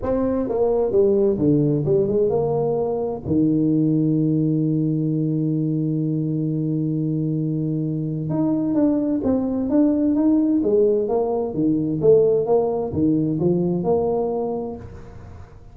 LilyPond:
\new Staff \with { instrumentName = "tuba" } { \time 4/4 \tempo 4 = 130 c'4 ais4 g4 d4 | g8 gis8 ais2 dis4~ | dis1~ | dis1~ |
dis2 dis'4 d'4 | c'4 d'4 dis'4 gis4 | ais4 dis4 a4 ais4 | dis4 f4 ais2 | }